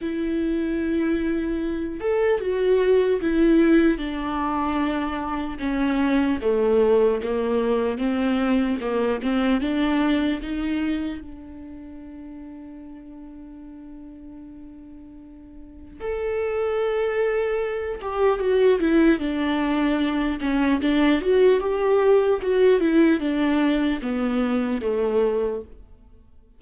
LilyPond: \new Staff \with { instrumentName = "viola" } { \time 4/4 \tempo 4 = 75 e'2~ e'8 a'8 fis'4 | e'4 d'2 cis'4 | a4 ais4 c'4 ais8 c'8 | d'4 dis'4 d'2~ |
d'1 | a'2~ a'8 g'8 fis'8 e'8 | d'4. cis'8 d'8 fis'8 g'4 | fis'8 e'8 d'4 b4 a4 | }